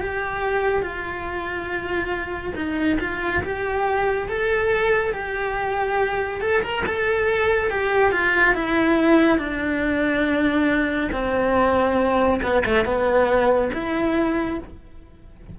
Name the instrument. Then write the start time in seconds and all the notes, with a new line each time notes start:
cello
0.00 G4
0.82 F4
2.56 D#4
3.00 F4
3.44 G4
4.29 A4
5.13 G4
6.41 A4
6.63 A#4
6.86 A4
7.71 G4
8.12 F4
8.55 E4
9.39 D4
11.12 C4
12.42 B3
12.65 A3
12.85 B3
13.73 E4